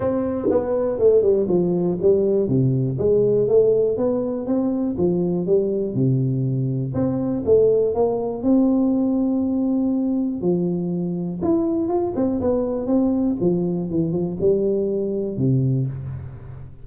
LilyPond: \new Staff \with { instrumentName = "tuba" } { \time 4/4 \tempo 4 = 121 c'4 b4 a8 g8 f4 | g4 c4 gis4 a4 | b4 c'4 f4 g4 | c2 c'4 a4 |
ais4 c'2.~ | c'4 f2 e'4 | f'8 c'8 b4 c'4 f4 | e8 f8 g2 c4 | }